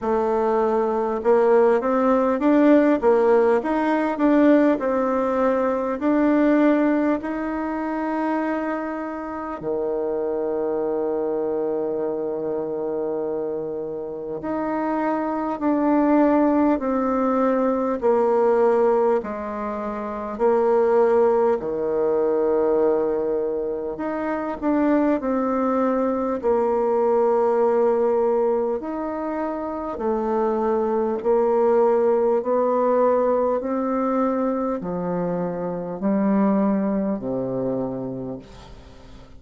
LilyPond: \new Staff \with { instrumentName = "bassoon" } { \time 4/4 \tempo 4 = 50 a4 ais8 c'8 d'8 ais8 dis'8 d'8 | c'4 d'4 dis'2 | dis1 | dis'4 d'4 c'4 ais4 |
gis4 ais4 dis2 | dis'8 d'8 c'4 ais2 | dis'4 a4 ais4 b4 | c'4 f4 g4 c4 | }